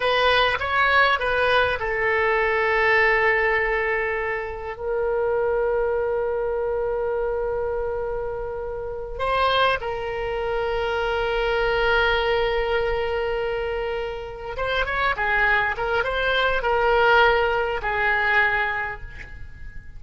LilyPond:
\new Staff \with { instrumentName = "oboe" } { \time 4/4 \tempo 4 = 101 b'4 cis''4 b'4 a'4~ | a'1 | ais'1~ | ais'2.~ ais'8 c''8~ |
c''8 ais'2.~ ais'8~ | ais'1~ | ais'8 c''8 cis''8 gis'4 ais'8 c''4 | ais'2 gis'2 | }